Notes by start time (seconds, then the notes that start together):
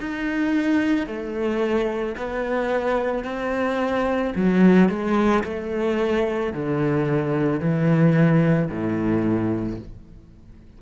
0.00 D#4
1.07 A3
2.17 B3
3.24 C4
4.35 F#3
4.89 G#3
5.44 A3
6.53 D3
7.60 E3
8.70 A2